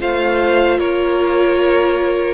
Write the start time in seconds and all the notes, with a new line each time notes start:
0.00 A3 F4 C5 F5
0.79 A#3 A#4 C#5